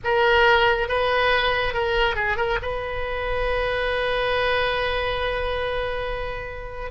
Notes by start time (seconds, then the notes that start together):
0.04 A#4
0.88 B4
1.73 A#4
2.15 G#4
2.36 A#4
2.61 B4